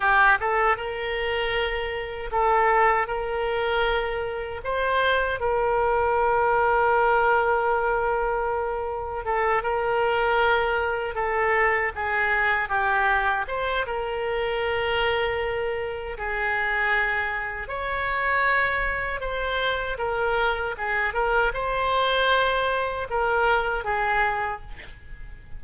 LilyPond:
\new Staff \with { instrumentName = "oboe" } { \time 4/4 \tempo 4 = 78 g'8 a'8 ais'2 a'4 | ais'2 c''4 ais'4~ | ais'1 | a'8 ais'2 a'4 gis'8~ |
gis'8 g'4 c''8 ais'2~ | ais'4 gis'2 cis''4~ | cis''4 c''4 ais'4 gis'8 ais'8 | c''2 ais'4 gis'4 | }